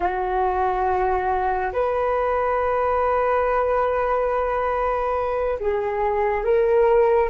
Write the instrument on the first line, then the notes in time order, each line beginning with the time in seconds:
flute
0.00 F#4
1.73 B4
5.59 G#4
6.44 A#4